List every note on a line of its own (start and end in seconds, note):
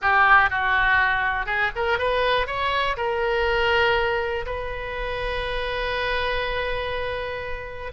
0.01 0.50 G4
0.50 1.46 F#4
1.46 1.70 G#4
1.75 1.98 A#4
1.98 2.47 B4
2.47 2.96 C#5
2.96 4.45 A#4
4.45 7.92 B4